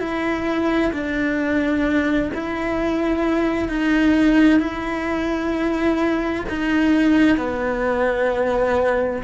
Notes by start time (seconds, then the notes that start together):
0.00 E4
0.93 D4
2.35 E4
3.69 D#4
4.60 E4
6.49 D#4
7.38 B3